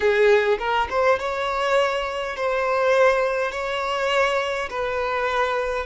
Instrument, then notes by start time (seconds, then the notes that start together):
violin
0.00 G#4
0.58 A#4
0.90 C5
1.19 C#5
2.36 C5
3.51 C#5
4.70 B4